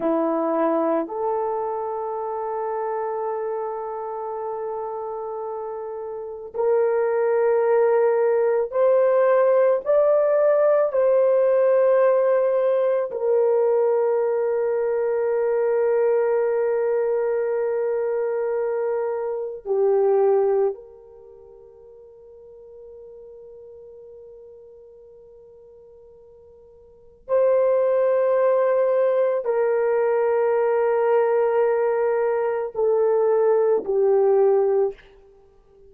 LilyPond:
\new Staff \with { instrumentName = "horn" } { \time 4/4 \tempo 4 = 55 e'4 a'2.~ | a'2 ais'2 | c''4 d''4 c''2 | ais'1~ |
ais'2 g'4 ais'4~ | ais'1~ | ais'4 c''2 ais'4~ | ais'2 a'4 g'4 | }